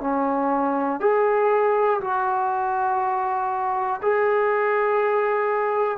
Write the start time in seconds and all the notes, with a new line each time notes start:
0.00 C#4
1.00 G#4
2.00 F#4
4.02 G#4